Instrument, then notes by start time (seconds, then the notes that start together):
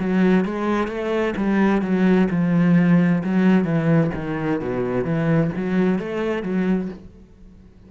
cello
0.00 F#3
0.45 G#3
0.88 A3
1.37 G3
1.82 F#3
2.31 F3
3.24 F#3
3.65 E3
4.15 D#3
4.61 B2
5.05 E3
5.57 F#3
5.99 A3
6.43 F#3